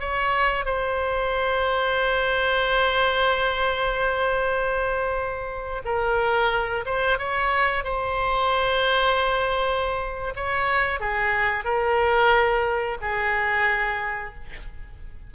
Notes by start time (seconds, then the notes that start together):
0.00 C#5
0.65 C5
5.85 A#4
6.85 C5
7.18 C#5
7.84 C5
10.35 C#5
11.00 G#4
11.64 A#4
13.01 G#4